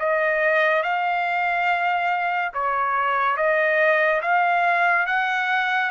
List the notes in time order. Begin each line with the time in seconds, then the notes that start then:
0.00 D#5
0.83 F5
2.54 C#5
3.37 D#5
4.22 F5
5.07 F#5